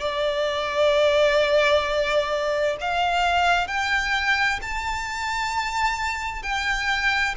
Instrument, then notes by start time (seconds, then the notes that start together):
violin
0.00 D5
2.80 F5
3.67 G5
4.62 A5
6.42 G5